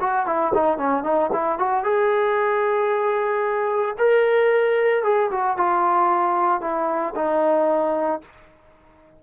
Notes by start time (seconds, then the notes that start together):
0.00 F#4
0.26 E4
0.54 D#4
0.77 C#4
1.03 D#4
1.32 E4
1.59 F#4
1.83 G#4
3.98 A#4
5.03 G#4
5.30 F#4
5.57 F4
6.61 E4
7.15 D#4